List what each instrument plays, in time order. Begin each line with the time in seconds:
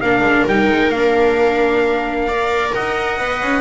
0.00 double bass A#3, viola D4 A#4, trumpet F5
0.21 double bass G#3
0.46 double bass G3, viola D#4, trumpet G5
0.70 double bass G#3
0.89 double bass A#3, viola D4, trumpet F5
2.28 viola A#4 D5
2.74 double bass D#4, viola D#5, trumpet F#5
3.18 double bass B3, viola B4
3.42 double bass C#4